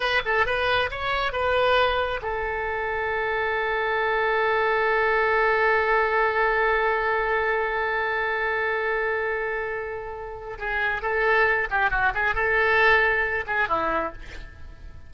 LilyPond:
\new Staff \with { instrumentName = "oboe" } { \time 4/4 \tempo 4 = 136 b'8 a'8 b'4 cis''4 b'4~ | b'4 a'2.~ | a'1~ | a'1~ |
a'1~ | a'1 | gis'4 a'4. g'8 fis'8 gis'8 | a'2~ a'8 gis'8 e'4 | }